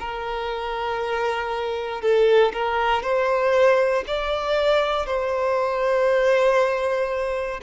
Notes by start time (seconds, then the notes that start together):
0.00 A#4
2.02 A4
2.53 A#4
3.03 C5
4.07 D5
5.07 C5